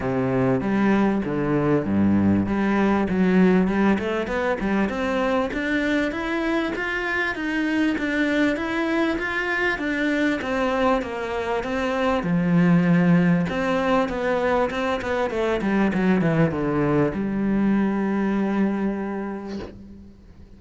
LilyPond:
\new Staff \with { instrumentName = "cello" } { \time 4/4 \tempo 4 = 98 c4 g4 d4 g,4 | g4 fis4 g8 a8 b8 g8 | c'4 d'4 e'4 f'4 | dis'4 d'4 e'4 f'4 |
d'4 c'4 ais4 c'4 | f2 c'4 b4 | c'8 b8 a8 g8 fis8 e8 d4 | g1 | }